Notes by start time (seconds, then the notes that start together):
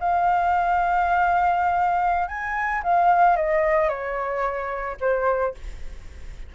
0.00 F5
2.28 G#5
2.84 F5
3.37 D#5
3.89 C#5
5.01 C5